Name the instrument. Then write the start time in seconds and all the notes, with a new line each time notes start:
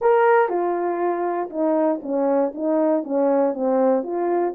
horn
0.01 A#4
0.49 F4
1.49 D#4
2.02 C#4
2.54 D#4
3.03 C#4
3.54 C4
4.03 F4